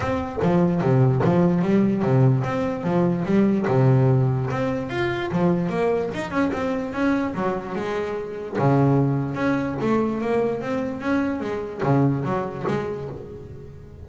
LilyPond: \new Staff \with { instrumentName = "double bass" } { \time 4/4 \tempo 4 = 147 c'4 f4 c4 f4 | g4 c4 c'4 f4 | g4 c2 c'4 | f'4 f4 ais4 dis'8 cis'8 |
c'4 cis'4 fis4 gis4~ | gis4 cis2 cis'4 | a4 ais4 c'4 cis'4 | gis4 cis4 fis4 gis4 | }